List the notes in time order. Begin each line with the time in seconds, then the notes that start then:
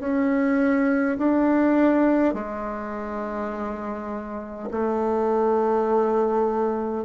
0.00 C#4
1.19 D4
2.34 G#3
4.71 A3